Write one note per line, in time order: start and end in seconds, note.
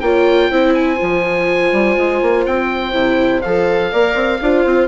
0.00 0.50 A#3
0.00 0.51 F4
0.00 0.49 C#5
0.00 0.73 G5
0.49 0.99 C4
0.49 0.96 E4
0.49 3.91 C5
0.74 2.45 G#5
0.96 1.72 F3
0.96 2.91 F4
1.72 1.96 G3
1.97 2.21 G#3
2.21 2.46 A#3
2.45 2.92 C4
2.45 3.41 G5
2.92 3.41 C3
2.92 3.41 E4
3.41 3.93 F3
3.41 3.92 A4
3.41 4.87 F5
3.91 4.14 A#3
3.91 4.41 A#4
3.91 4.39 D5
4.14 4.39 C4
4.41 4.65 D4
4.41 4.88 F4
4.41 4.88 C5
4.65 4.88 C4